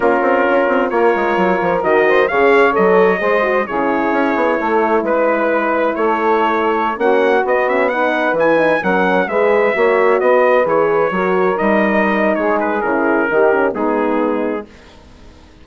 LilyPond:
<<
  \new Staff \with { instrumentName = "trumpet" } { \time 4/4 \tempo 4 = 131 ais'2 cis''2 | dis''4 f''4 dis''2 | cis''2. b'4~ | b'4 cis''2~ cis''16 fis''8.~ |
fis''16 dis''8 e''8 fis''4 gis''4 fis''8.~ | fis''16 e''2 dis''4 cis''8.~ | cis''4~ cis''16 dis''4.~ dis''16 cis''8 b'8 | ais'2 gis'2 | }
  \new Staff \with { instrumentName = "saxophone" } { \time 4/4 f'2 ais'2~ | ais'8 c''8 cis''2 c''4 | gis'2 a'4 b'4~ | b'4 a'2~ a'16 fis'8.~ |
fis'4~ fis'16 b'2 ais'8.~ | ais'16 b'4 cis''4 b'4.~ b'16~ | b'16 ais'2~ ais'8. gis'4~ | gis'4 g'4 dis'2 | }
  \new Staff \with { instrumentName = "horn" } { \time 4/4 cis'2 f'2 | fis'4 gis'4 a'4 gis'8 fis'8 | e'1~ | e'2.~ e'16 cis'8.~ |
cis'16 b8 cis'8 dis'4 e'8 dis'8 cis'8.~ | cis'16 gis'4 fis'2 gis'8.~ | gis'16 fis'4 dis'2~ dis'8. | e'4 dis'8 cis'8 b2 | }
  \new Staff \with { instrumentName = "bassoon" } { \time 4/4 ais8 c'8 cis'8 c'8 ais8 gis8 fis8 f8 | dis4 cis4 fis4 gis4 | cis4 cis'8 b8 a4 gis4~ | gis4 a2~ a16 ais8.~ |
ais16 b2 e4 fis8.~ | fis16 gis4 ais4 b4 e8.~ | e16 fis4 g4.~ g16 gis4 | cis4 dis4 gis2 | }
>>